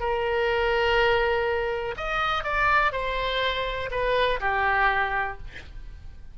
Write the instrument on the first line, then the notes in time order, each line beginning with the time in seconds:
oboe
0.00 A#4
1.97 D#5
2.44 D5
2.92 C5
3.91 B4
4.40 G4